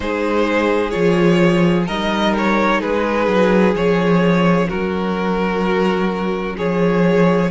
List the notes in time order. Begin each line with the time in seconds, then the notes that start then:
0.00 G#3 D#4 G#4 C5
0.90 F3 F4 C#5
1.87 G3 D#4 A#4 D#5
2.37 C#5
2.80 G#3 G#4 B4
3.27 F#3
3.75 F3 C#4 C#5
4.68 F#3 F#4 A#4
6.57 F3 G#4 C#5